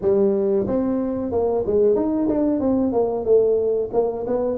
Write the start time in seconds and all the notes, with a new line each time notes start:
0.01 G3
0.67 C4
1.31 A#3
1.66 G#3
1.95 D#4
2.29 D4
2.60 C4
2.92 A#3
3.24 A3
3.93 A#3
4.26 B3